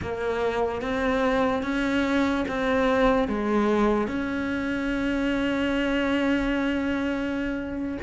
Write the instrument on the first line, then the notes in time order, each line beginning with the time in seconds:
cello
0.01 A#3
0.81 C4
1.63 C#4
2.48 C4
3.28 G#3
4.07 C#4